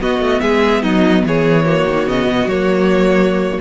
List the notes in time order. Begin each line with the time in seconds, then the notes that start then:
0.00 B3 F#4 D#5
0.19 A3
0.41 G#3 G#4 E5
0.82 F#3 D#4 D#5
1.23 E3 G#4 C#5
1.65 A#3 F#4
1.86 D#3
2.06 C#3 B3 D#5
2.26 B2
2.45 F#3 C#5
2.51 A#3